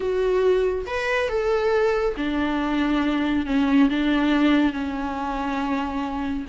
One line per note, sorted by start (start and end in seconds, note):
0.00 0.85 F#4
0.86 1.28 B4
1.28 2.15 A4
2.16 3.46 D4
3.46 3.89 C#4
3.89 4.72 D4
4.72 6.45 C#4